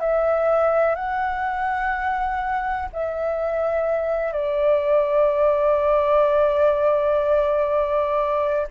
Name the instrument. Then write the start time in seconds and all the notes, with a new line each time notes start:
flute
0.00 E5
0.95 F#5
2.93 E5
4.32 D5